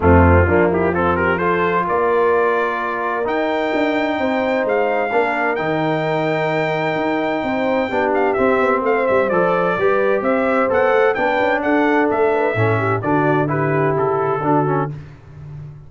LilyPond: <<
  \new Staff \with { instrumentName = "trumpet" } { \time 4/4 \tempo 4 = 129 f'4. g'8 a'8 ais'8 c''4 | d''2. g''4~ | g''2 f''2 | g''1~ |
g''4. f''8 e''4 f''8 e''8 | d''2 e''4 fis''4 | g''4 fis''4 e''2 | d''4 b'4 a'2 | }
  \new Staff \with { instrumentName = "horn" } { \time 4/4 c'4 d'8 e'8 f'8 g'8 a'4 | ais'1~ | ais'4 c''2 ais'4~ | ais'1 |
c''4 g'2 c''4~ | c''4 b'4 c''2 | b'4 a'4. b'8 a'8 g'8 | fis'4 g'2 fis'4 | }
  \new Staff \with { instrumentName = "trombone" } { \time 4/4 a4 ais4 c'4 f'4~ | f'2. dis'4~ | dis'2. d'4 | dis'1~ |
dis'4 d'4 c'2 | a'4 g'2 a'4 | d'2. cis'4 | d'4 e'2 d'8 cis'8 | }
  \new Staff \with { instrumentName = "tuba" } { \time 4/4 f,4 f2. | ais2. dis'4 | d'4 c'4 gis4 ais4 | dis2. dis'4 |
c'4 b4 c'8 b8 a8 g8 | f4 g4 c'4 b8 a8 | b8 cis'8 d'4 a4 a,4 | d2 cis4 d4 | }
>>